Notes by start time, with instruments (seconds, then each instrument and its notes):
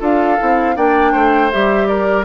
0.00 bassoon D4, clarinet F4, oboe A4, flute F5
0.39 bassoon C4, clarinet E4
0.76 bassoon A#3, clarinet D4, oboe D5, flute G5
1.12 bassoon A3, oboe C5
1.52 bassoon G3, clarinet G4, flute E5
1.87 oboe A#4, flute D5